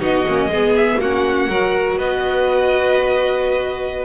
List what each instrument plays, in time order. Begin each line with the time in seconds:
0.00 double bass B3, viola D#4, violin F#4 D#5
0.28 double bass A#3, viola C#4
0.47 double bass G#3, viola B3, violin G#4
0.76 violin E5
1.00 double bass A#3, viola C#4, violin F#4 F#5
1.48 double bass F#3, viola F#4, violin A#4
1.97 double bass B3, violin B4 D#5